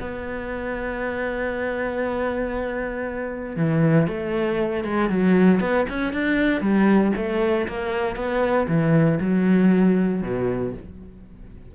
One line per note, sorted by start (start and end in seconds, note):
0.00 3.56 B3
3.56 4.07 E3
4.07 4.84 A3
4.84 5.09 G#3
5.09 5.60 F#3
5.60 5.86 B3
5.89 6.13 C#4
6.13 6.61 D4
6.61 7.12 G3
7.16 7.67 A3
7.68 8.15 A#3
8.15 8.67 B3
8.68 9.19 E3
9.20 10.22 F#3
10.22 10.73 B2